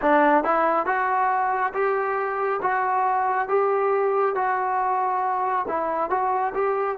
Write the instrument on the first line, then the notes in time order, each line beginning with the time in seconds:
trombone
0.01 D4
0.43 E4
0.85 F#4
1.73 G4
2.62 F#4
3.48 G4
4.35 F#4
5.68 E4
6.09 F#4
6.54 G4